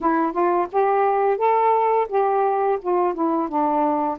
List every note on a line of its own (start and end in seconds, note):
0.01 0.32 E4
0.32 0.67 F4
0.72 1.37 G4
1.37 2.07 A4
2.09 2.78 G4
2.81 3.14 F4
3.14 3.49 E4
3.49 4.18 D4